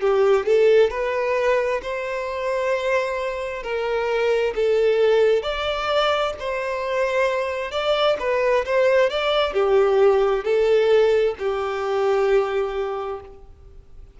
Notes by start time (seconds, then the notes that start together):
0.00 G4
0.45 A4
0.90 B4
1.82 C5
3.62 A#4
4.55 A4
5.42 D5
6.39 C5
7.71 D5
8.19 B4
8.65 C5
9.10 D5
9.53 G4
10.44 A4
11.38 G4